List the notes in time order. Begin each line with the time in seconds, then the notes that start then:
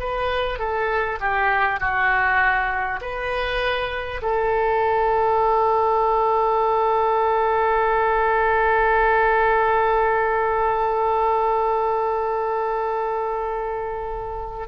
0.00 B4
0.59 A4
1.21 G4
1.81 F#4
3.01 B4
4.22 A4